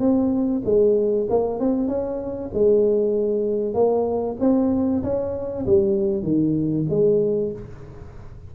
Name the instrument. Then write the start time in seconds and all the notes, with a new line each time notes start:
tuba
0.00 C4
0.65 G#3
1.30 A#3
1.60 C4
1.89 C#4
2.54 G#3
3.74 A#3
4.41 C4
5.03 C#4
5.66 G3
6.23 D#3
6.90 G#3